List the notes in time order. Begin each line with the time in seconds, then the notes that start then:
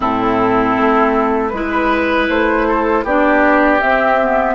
0.00 A2 C4 E4 A4
0.76 A3
1.49 G#3 E4 B4
1.56 B4
2.28 A3 C5
2.68 A4
3.03 B3 D4 G4 D5
3.80 C4 E5
4.20 B3